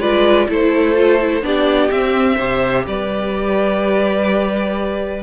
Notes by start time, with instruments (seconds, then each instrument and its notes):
0.00 cello G#3, viola F4, violin B4 D5
0.49 cello A3, viola E4, violin A4 C5
0.96 viola F4
1.21 viola E4
1.42 cello B3, viola D4, violin G4 D5
1.91 cello C4, viola C4, violin E5
2.37 cello C3, viola G4, violin C5
2.87 cello G3, violin B4 D5